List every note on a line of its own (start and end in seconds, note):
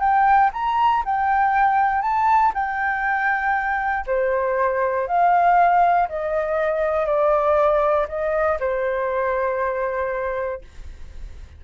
0.00 0.50 G5
0.53 1.04 A#5
1.05 2.02 G5
2.02 2.52 A5
2.54 4.06 G5
4.07 5.08 C5
5.08 6.08 F5
6.09 7.06 D#5
7.06 8.07 D5
8.09 8.59 D#5
8.60 10.62 C5